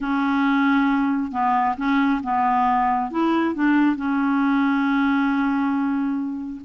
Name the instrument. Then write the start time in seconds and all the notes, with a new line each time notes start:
clarinet
0.00 C#4
1.31 B3
1.77 C#4
2.23 B3
3.11 E4
3.54 D4
3.96 C#4